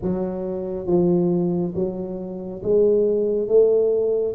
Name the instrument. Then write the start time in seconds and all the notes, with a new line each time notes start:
tuba
0.02 F#3
0.86 F3
1.74 F#3
2.62 G#3
3.47 A3